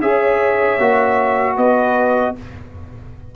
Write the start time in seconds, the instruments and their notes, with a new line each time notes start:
0.00 tuba C#4, trombone G#4, horn C#5, trumpet E5
0.79 tuba A#3, trombone F#4
1.56 tuba B3, horn B4, trumpet D#5